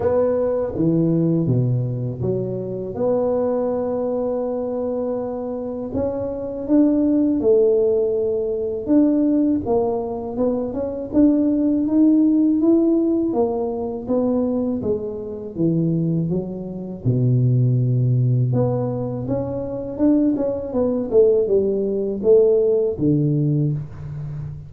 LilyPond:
\new Staff \with { instrumentName = "tuba" } { \time 4/4 \tempo 4 = 81 b4 e4 b,4 fis4 | b1 | cis'4 d'4 a2 | d'4 ais4 b8 cis'8 d'4 |
dis'4 e'4 ais4 b4 | gis4 e4 fis4 b,4~ | b,4 b4 cis'4 d'8 cis'8 | b8 a8 g4 a4 d4 | }